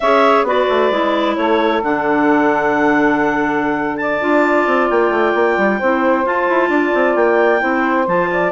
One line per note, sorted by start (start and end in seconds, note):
0.00 0.43 C#4
0.00 0.46 G#4
0.00 0.45 C#5
0.00 0.45 E5
0.43 0.65 B3
0.43 0.92 F#4
0.43 1.36 B4
0.43 1.36 D5
0.69 0.91 A3
0.91 1.36 G#3
0.91 1.82 E4
1.36 1.82 A3
1.36 3.99 A4
1.36 1.82 C#5
1.82 4.21 D3
1.82 4.20 D4
1.82 3.96 F#5
3.96 5.78 D5
3.96 4.87 A5
4.20 4.66 D4
4.20 5.79 F4
4.66 4.89 C4
4.89 5.10 A#3
4.89 6.25 G5
5.10 5.32 A3
5.34 5.57 A#3
5.57 5.80 G3
5.78 6.25 C4
5.78 6.24 E4
5.78 6.69 C5
6.24 7.59 F4
6.24 6.47 F4
6.24 7.15 A5
6.49 6.68 E4
6.68 6.91 D4
6.68 7.61 D5
6.94 7.15 C4
7.15 7.61 A#3
7.15 8.06 G5
7.59 8.07 C4
7.59 8.04 E4
7.59 8.29 C5
8.07 8.52 F3
8.07 8.52 F4
8.07 8.52 A5
8.31 8.52 D5